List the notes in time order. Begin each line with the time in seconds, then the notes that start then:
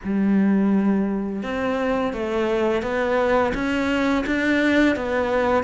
0.04 G3
1.42 C4
2.13 A3
2.82 B3
3.54 C#4
4.26 D4
4.96 B3